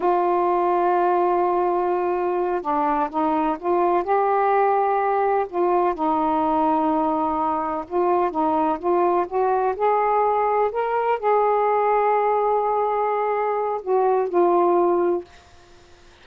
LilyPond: \new Staff \with { instrumentName = "saxophone" } { \time 4/4 \tempo 4 = 126 f'1~ | f'4. d'4 dis'4 f'8~ | f'8 g'2. f'8~ | f'8 dis'2.~ dis'8~ |
dis'8 f'4 dis'4 f'4 fis'8~ | fis'8 gis'2 ais'4 gis'8~ | gis'1~ | gis'4 fis'4 f'2 | }